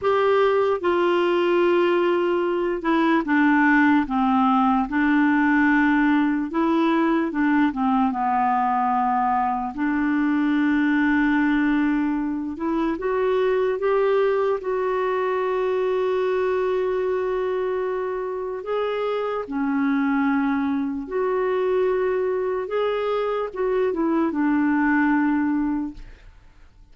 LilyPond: \new Staff \with { instrumentName = "clarinet" } { \time 4/4 \tempo 4 = 74 g'4 f'2~ f'8 e'8 | d'4 c'4 d'2 | e'4 d'8 c'8 b2 | d'2.~ d'8 e'8 |
fis'4 g'4 fis'2~ | fis'2. gis'4 | cis'2 fis'2 | gis'4 fis'8 e'8 d'2 | }